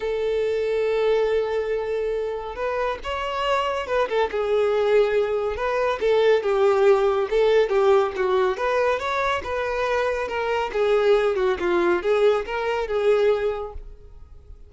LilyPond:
\new Staff \with { instrumentName = "violin" } { \time 4/4 \tempo 4 = 140 a'1~ | a'2 b'4 cis''4~ | cis''4 b'8 a'8 gis'2~ | gis'4 b'4 a'4 g'4~ |
g'4 a'4 g'4 fis'4 | b'4 cis''4 b'2 | ais'4 gis'4. fis'8 f'4 | gis'4 ais'4 gis'2 | }